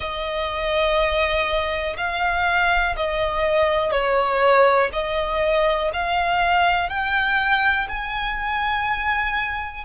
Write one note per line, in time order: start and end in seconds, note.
0.00 1.96 D#5
1.97 2.95 F5
2.96 3.91 D#5
3.91 4.90 C#5
4.92 5.91 D#5
5.93 6.89 F5
6.89 7.87 G5
7.88 9.84 G#5